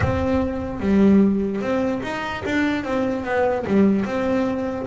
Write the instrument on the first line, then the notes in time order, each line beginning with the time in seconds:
double bass
0.00 C4
0.80 G3
1.61 C4
2.02 D#4
2.45 D4
2.83 C4
3.24 B3
3.66 G3
4.05 C4